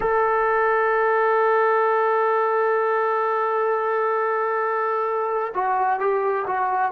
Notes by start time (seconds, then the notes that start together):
0.00 A4
5.54 F#4
5.99 G4
6.47 F#4